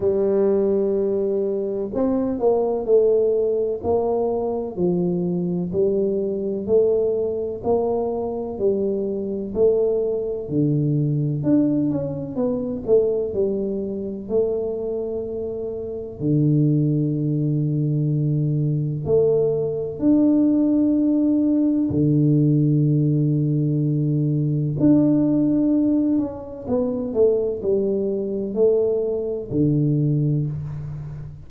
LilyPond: \new Staff \with { instrumentName = "tuba" } { \time 4/4 \tempo 4 = 63 g2 c'8 ais8 a4 | ais4 f4 g4 a4 | ais4 g4 a4 d4 | d'8 cis'8 b8 a8 g4 a4~ |
a4 d2. | a4 d'2 d4~ | d2 d'4. cis'8 | b8 a8 g4 a4 d4 | }